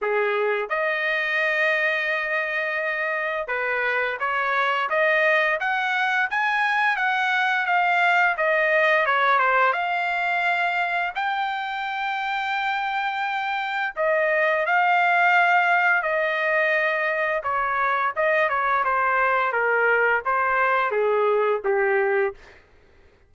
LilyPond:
\new Staff \with { instrumentName = "trumpet" } { \time 4/4 \tempo 4 = 86 gis'4 dis''2.~ | dis''4 b'4 cis''4 dis''4 | fis''4 gis''4 fis''4 f''4 | dis''4 cis''8 c''8 f''2 |
g''1 | dis''4 f''2 dis''4~ | dis''4 cis''4 dis''8 cis''8 c''4 | ais'4 c''4 gis'4 g'4 | }